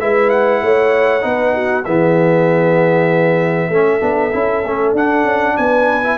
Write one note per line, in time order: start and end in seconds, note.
0.00 0.63 G#3
0.00 1.21 E4
0.00 0.63 B4
0.00 0.30 E5
0.30 1.85 F#5
0.63 1.24 A3
0.63 1.25 C#5
1.21 1.86 B3
1.21 1.83 D#4
1.21 1.54 B4
1.54 1.84 F#4
1.84 3.70 E3
1.84 3.73 B3
1.84 3.69 G#4
1.84 4.94 E5
3.70 4.01 A3
3.70 4.00 C#4
3.70 5.57 A4
4.00 4.33 B3
4.00 4.31 D4
4.33 4.64 C#4
4.33 4.64 E4
4.64 4.93 A3
4.64 4.97 C#4
4.93 5.24 D4
4.93 6.04 D4
4.93 5.57 F#5
5.24 5.55 C#4
5.57 6.18 B3
5.57 6.18 B4
5.57 6.18 G#5
6.04 6.18 E4